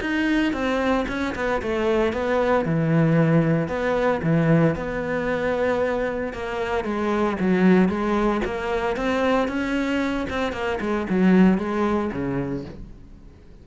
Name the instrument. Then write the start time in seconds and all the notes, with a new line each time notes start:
cello
0.00 D#4
0.53 C4
1.08 C#4
1.35 B3
1.62 A3
2.13 B3
2.65 E3
3.68 B3
4.23 E3
4.75 B3
6.33 A#3
6.84 G#3
7.40 F#3
7.88 G#3
8.44 A#3
8.96 C4
9.48 C#4
10.29 C4
10.52 A#3
10.80 G#3
11.10 F#3
11.58 G#3
12.12 C#3